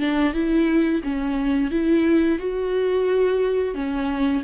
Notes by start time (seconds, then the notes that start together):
0.00 D4
0.34 E4
1.04 C#4
1.71 E4
2.39 F#4
3.75 C#4